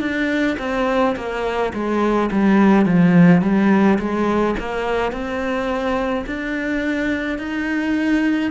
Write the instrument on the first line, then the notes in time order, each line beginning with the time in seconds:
cello
0.00 D4
0.59 C4
1.16 A#3
1.73 G#3
2.32 G3
2.86 F3
3.42 G3
3.99 G#3
4.59 A#3
5.12 C4
6.26 D4
7.38 D#4